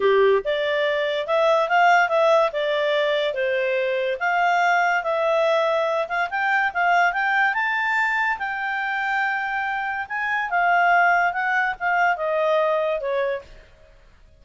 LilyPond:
\new Staff \with { instrumentName = "clarinet" } { \time 4/4 \tempo 4 = 143 g'4 d''2 e''4 | f''4 e''4 d''2 | c''2 f''2 | e''2~ e''8 f''8 g''4 |
f''4 g''4 a''2 | g''1 | gis''4 f''2 fis''4 | f''4 dis''2 cis''4 | }